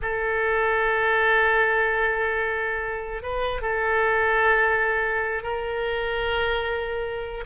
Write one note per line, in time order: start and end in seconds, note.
0.01 3.22 A4
3.22 3.61 B4
3.61 5.42 A4
5.42 7.44 A#4